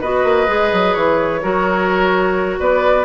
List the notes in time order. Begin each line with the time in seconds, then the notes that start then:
0.00 B3 F#4 B4 D#5
0.24 A#3
0.47 G#3 G#4
0.72 F#3
0.94 E3 C#5
1.42 F#3 F#4 A#4
2.59 B3 B4 D5